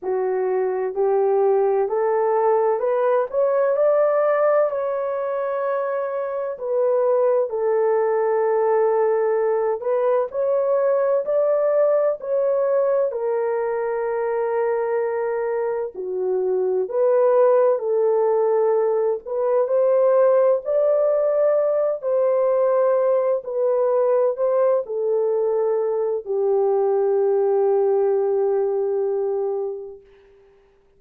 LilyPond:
\new Staff \with { instrumentName = "horn" } { \time 4/4 \tempo 4 = 64 fis'4 g'4 a'4 b'8 cis''8 | d''4 cis''2 b'4 | a'2~ a'8 b'8 cis''4 | d''4 cis''4 ais'2~ |
ais'4 fis'4 b'4 a'4~ | a'8 b'8 c''4 d''4. c''8~ | c''4 b'4 c''8 a'4. | g'1 | }